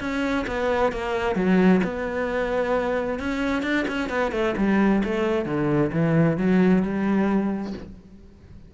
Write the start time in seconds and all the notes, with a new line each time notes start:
0.00 C#4
0.47 B3
0.92 A#3
1.36 F#3
1.84 B3
3.19 C#4
3.63 D4
3.88 C#4
4.10 B3
4.32 A3
4.57 G3
5.04 A3
5.45 D3
5.92 E3
6.38 F#3
6.82 G3